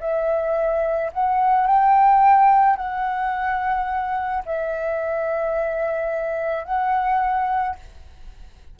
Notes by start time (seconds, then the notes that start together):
0.00 E5
1.13 F#5
1.67 G5
2.76 F#5
4.45 E5
6.64 F#5